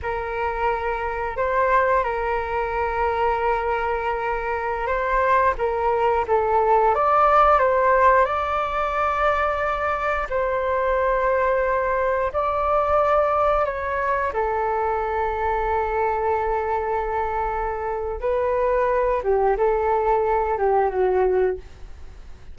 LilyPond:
\new Staff \with { instrumentName = "flute" } { \time 4/4 \tempo 4 = 89 ais'2 c''4 ais'4~ | ais'2.~ ais'16 c''8.~ | c''16 ais'4 a'4 d''4 c''8.~ | c''16 d''2. c''8.~ |
c''2~ c''16 d''4.~ d''16~ | d''16 cis''4 a'2~ a'8.~ | a'2. b'4~ | b'8 g'8 a'4. g'8 fis'4 | }